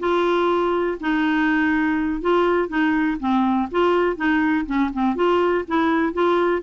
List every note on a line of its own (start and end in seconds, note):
0.00 0.98 F4
1.01 2.22 D#4
2.22 2.69 F4
2.69 3.18 D#4
3.20 3.69 C4
3.72 4.17 F4
4.17 4.66 D#4
4.67 4.91 C#4
4.94 5.16 C4
5.16 5.65 F4
5.68 6.14 E4
6.14 6.63 F4